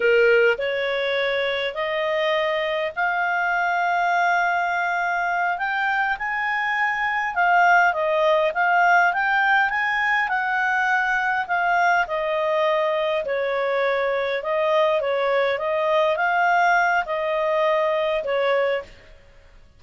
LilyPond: \new Staff \with { instrumentName = "clarinet" } { \time 4/4 \tempo 4 = 102 ais'4 cis''2 dis''4~ | dis''4 f''2.~ | f''4. g''4 gis''4.~ | gis''8 f''4 dis''4 f''4 g''8~ |
g''8 gis''4 fis''2 f''8~ | f''8 dis''2 cis''4.~ | cis''8 dis''4 cis''4 dis''4 f''8~ | f''4 dis''2 cis''4 | }